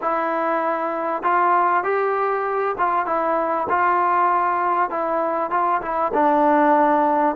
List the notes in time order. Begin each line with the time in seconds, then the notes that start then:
0.01 E4
1.22 F4
1.83 G4
2.77 F4
3.06 E4
3.69 F4
4.90 E4
5.50 F4
5.81 E4
6.13 D4